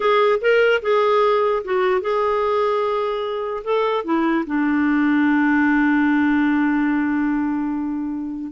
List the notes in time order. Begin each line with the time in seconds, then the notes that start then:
0.00 G#4
0.41 A#4
0.81 G#4
1.64 F#4
2.01 G#4
3.64 A4
4.04 E4
4.46 D4